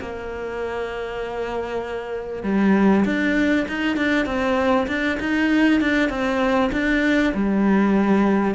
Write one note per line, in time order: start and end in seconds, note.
0.00 2.43 A#3
2.43 3.04 G3
3.04 3.66 D4
3.68 3.96 D#4
3.96 4.26 D4
4.26 4.87 C4
4.87 5.18 D4
5.20 5.80 D#4
5.80 6.09 D4
6.09 6.70 C4
6.72 7.33 D4
7.34 8.54 G3